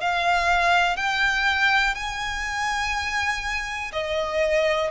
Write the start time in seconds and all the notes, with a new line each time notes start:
0.00 F5
0.96 G5
1.94 G#5
3.92 D#5